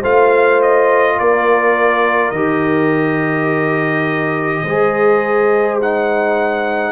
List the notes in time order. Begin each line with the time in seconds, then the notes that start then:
0.00 A3 F4 C5 F5
0.62 D#5
1.19 A#3 A#4 D5
2.31 D#3 G4 D#5
4.62 G#3 G#4 C5
5.82 D#4 F#5